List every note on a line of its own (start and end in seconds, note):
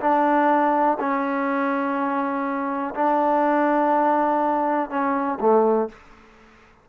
0.00 0.98 D4
0.99 2.94 C#4
2.94 4.89 D4
4.89 5.38 C#4
5.40 5.88 A3